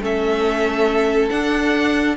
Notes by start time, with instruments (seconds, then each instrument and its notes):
0.00 cello A3, viola C#4, violin A4 E5
1.29 viola D4, cello D4, violin F#5